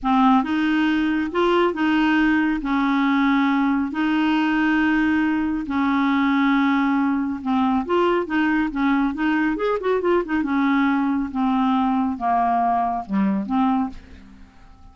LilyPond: \new Staff \with { instrumentName = "clarinet" } { \time 4/4 \tempo 4 = 138 c'4 dis'2 f'4 | dis'2 cis'2~ | cis'4 dis'2.~ | dis'4 cis'2.~ |
cis'4 c'4 f'4 dis'4 | cis'4 dis'4 gis'8 fis'8 f'8 dis'8 | cis'2 c'2 | ais2 g4 c'4 | }